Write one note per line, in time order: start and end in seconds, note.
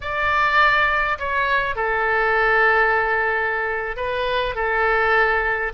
0.00 1.18 D5
1.18 1.75 C#5
1.75 3.96 A4
3.96 4.55 B4
4.55 5.72 A4